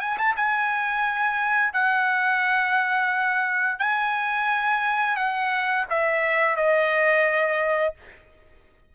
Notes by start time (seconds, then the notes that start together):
0.00 G#5
0.18 A5
0.36 G#5
1.73 F#5
3.79 G#5
5.16 F#5
5.90 E5
6.56 D#5